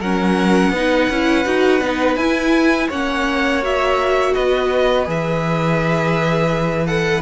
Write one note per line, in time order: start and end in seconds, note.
0.00 0.70 F#3
0.00 0.76 C#4
0.00 0.72 A#4
0.00 2.16 F#5
0.70 1.07 B3
0.70 1.12 D#4
0.70 2.88 B4
1.10 1.46 C#4
1.10 1.45 E4
1.45 1.81 D#4
1.45 1.81 F#4
1.81 2.16 B3
1.81 2.19 D#4
2.16 2.89 E4
2.16 2.92 E4
2.16 2.88 G#5
2.88 4.35 A#3
2.88 3.63 C#4
2.88 4.33 C#5
2.88 3.64 F#5
3.63 5.05 F#4
3.63 4.34 E5
4.34 5.07 B3
4.34 7.22 B4
4.34 5.06 D#5
5.05 7.22 E3
5.05 6.86 G#4
5.05 6.87 E5
6.87 7.22 A4
6.87 7.22 F#5